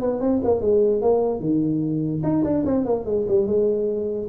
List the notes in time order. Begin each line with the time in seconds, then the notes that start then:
0.00 B3
0.20 C4
0.44 A#3
0.60 G#3
1.01 A#3
1.40 D#3
2.23 D#4
2.44 D4
2.65 C4
2.85 A#3
3.05 G#3
3.28 G3
3.46 G#3